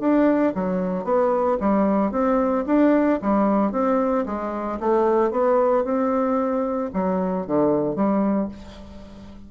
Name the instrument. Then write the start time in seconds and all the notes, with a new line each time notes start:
bassoon
0.00 D4
0.55 F#3
1.04 B3
1.60 G3
2.11 C4
2.66 D4
3.22 G3
3.72 C4
4.26 G#3
4.80 A3
5.31 B3
5.84 C4
6.94 F#3
7.46 D3
7.95 G3